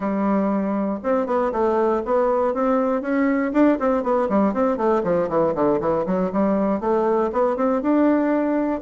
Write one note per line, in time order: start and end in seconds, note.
0.00 0.99 G3
1.03 1.26 C4
1.26 1.51 B3
1.51 2.02 A3
2.05 2.54 B3
2.54 3.01 C4
3.01 3.52 C#4
3.52 3.78 D4
3.79 4.03 C4
4.03 4.28 B3
4.29 4.53 G3
4.53 4.77 C4
4.77 5.02 A3
5.03 5.28 F3
5.28 5.54 E3
5.55 5.80 D3
5.80 6.05 E3
6.06 6.31 F#3
6.32 6.80 G3
6.80 7.31 A3
7.32 7.56 B3
7.56 7.82 C4
7.82 8.81 D4